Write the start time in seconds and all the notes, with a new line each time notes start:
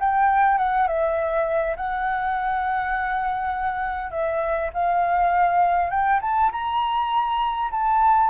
0.00 G5
0.58 F#5
0.87 E5
1.77 F#5
4.11 E5
4.74 F5
5.91 G5
6.22 A5
6.52 A#5
7.71 A5